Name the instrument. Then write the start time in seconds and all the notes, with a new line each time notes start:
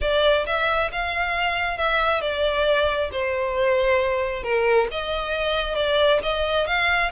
violin
0.01 D5
0.46 E5
0.92 F5
1.77 E5
2.21 D5
3.12 C5
4.43 A#4
4.91 D#5
5.75 D5
6.22 D#5
6.66 F5